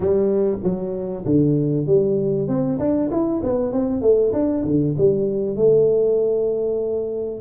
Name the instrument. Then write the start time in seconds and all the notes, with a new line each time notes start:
tuba
0.00 G3
0.63 F#3
1.25 D3
1.86 G3
2.47 C4
2.79 D4
3.11 E4
3.43 B3
3.72 C4
4.01 A3
4.32 D4
4.64 D3
4.97 G3
5.55 A3